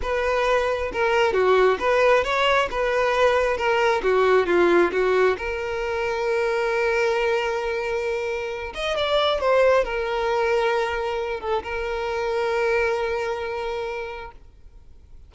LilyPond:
\new Staff \with { instrumentName = "violin" } { \time 4/4 \tempo 4 = 134 b'2 ais'4 fis'4 | b'4 cis''4 b'2 | ais'4 fis'4 f'4 fis'4 | ais'1~ |
ais'2.~ ais'8 dis''8 | d''4 c''4 ais'2~ | ais'4. a'8 ais'2~ | ais'1 | }